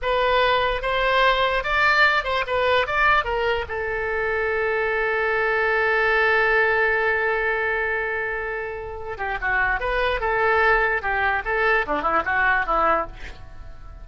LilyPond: \new Staff \with { instrumentName = "oboe" } { \time 4/4 \tempo 4 = 147 b'2 c''2 | d''4. c''8 b'4 d''4 | ais'4 a'2.~ | a'1~ |
a'1~ | a'2~ a'8 g'8 fis'4 | b'4 a'2 g'4 | a'4 d'8 e'8 fis'4 e'4 | }